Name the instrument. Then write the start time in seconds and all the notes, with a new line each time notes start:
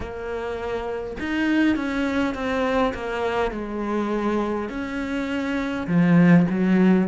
cello
0.00 A#3
1.19 D#4
1.76 C#4
2.34 C4
2.94 A#3
3.51 G#3
4.69 C#4
5.87 F3
6.50 F#3